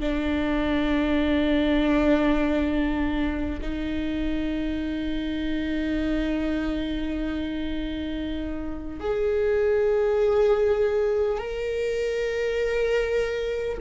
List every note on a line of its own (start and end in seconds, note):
0.00 3.60 D4
3.62 9.00 D#4
9.00 11.38 G#4
11.38 13.78 A#4